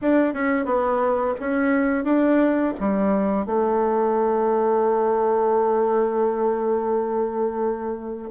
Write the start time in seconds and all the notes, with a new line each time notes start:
0.01 D4
0.33 C#4
0.65 B3
1.39 C#4
2.04 D4
2.80 G3
3.45 A3